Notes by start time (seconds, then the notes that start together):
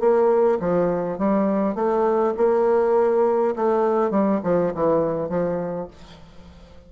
0.00 A#3
0.60 F3
1.18 G3
1.75 A3
2.37 A#3
3.56 A3
4.11 G3
4.44 F3
4.74 E3
5.29 F3